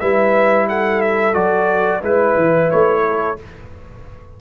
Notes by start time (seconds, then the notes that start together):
0.00 G3 E4 B4 E5
0.69 A4 F#5
1.02 E5
1.34 F#3 F#4 D5
2.01 G#3 E4 B4
2.37 E3
2.71 A3 C#5
3.07 A4